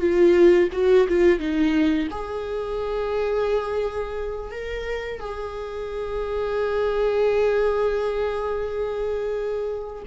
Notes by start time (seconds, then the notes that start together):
0.00 F4
0.72 F#4
1.08 F4
1.39 D#4
2.11 G#4
4.51 A#4
5.20 G#4